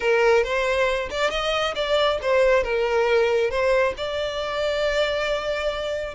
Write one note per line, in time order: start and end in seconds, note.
0.00 0.43 A#4
0.43 1.09 C5
1.10 1.30 D5
1.30 1.74 D#5
1.75 2.19 D5
2.21 2.63 C5
2.63 3.50 A#4
3.50 3.94 C5
3.97 6.14 D5